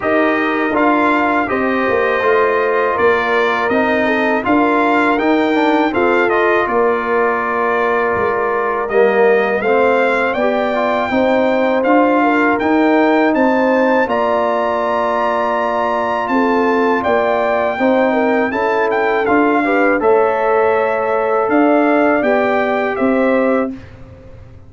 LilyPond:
<<
  \new Staff \with { instrumentName = "trumpet" } { \time 4/4 \tempo 4 = 81 dis''4 f''4 dis''2 | d''4 dis''4 f''4 g''4 | f''8 dis''8 d''2. | dis''4 f''4 g''2 |
f''4 g''4 a''4 ais''4~ | ais''2 a''4 g''4~ | g''4 a''8 g''8 f''4 e''4~ | e''4 f''4 g''4 e''4 | }
  \new Staff \with { instrumentName = "horn" } { \time 4/4 ais'2 c''2 | ais'4. a'8 ais'2 | a'4 ais'2.~ | ais'4 c''4 d''4 c''4~ |
c''8 ais'4. c''4 d''4~ | d''2 a'4 d''4 | c''8 ais'8 a'4. b'8 cis''4~ | cis''4 d''2 c''4 | }
  \new Staff \with { instrumentName = "trombone" } { \time 4/4 g'4 f'4 g'4 f'4~ | f'4 dis'4 f'4 dis'8 d'8 | c'8 f'2.~ f'8 | ais4 c'4 g'8 f'8 dis'4 |
f'4 dis'2 f'4~ | f'1 | dis'4 e'4 f'8 g'8 a'4~ | a'2 g'2 | }
  \new Staff \with { instrumentName = "tuba" } { \time 4/4 dis'4 d'4 c'8 ais8 a4 | ais4 c'4 d'4 dis'4 | f'4 ais2 gis4 | g4 a4 b4 c'4 |
d'4 dis'4 c'4 ais4~ | ais2 c'4 ais4 | c'4 cis'4 d'4 a4~ | a4 d'4 b4 c'4 | }
>>